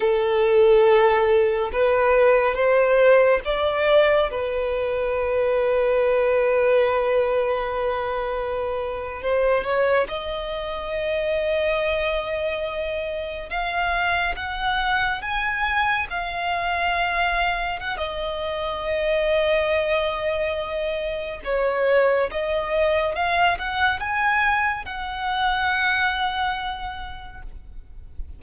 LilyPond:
\new Staff \with { instrumentName = "violin" } { \time 4/4 \tempo 4 = 70 a'2 b'4 c''4 | d''4 b'2.~ | b'2~ b'8. c''8 cis''8 dis''16~ | dis''2.~ dis''8. f''16~ |
f''8. fis''4 gis''4 f''4~ f''16~ | f''8. fis''16 dis''2.~ | dis''4 cis''4 dis''4 f''8 fis''8 | gis''4 fis''2. | }